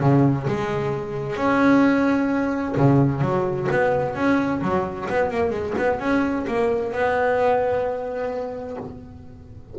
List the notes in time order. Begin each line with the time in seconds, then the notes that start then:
0.00 C#3
0.47 G#3
1.36 C#4
2.77 C#3
3.21 F#3
3.71 B3
4.15 C#4
4.61 F#3
5.09 B3
5.31 A#3
5.50 G#3
5.78 B3
5.99 C#4
6.47 A#3
6.92 B3